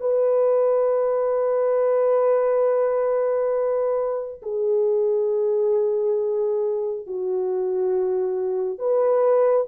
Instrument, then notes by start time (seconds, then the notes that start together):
horn
0.00 B4
4.42 G#4
7.07 F#4
8.78 B4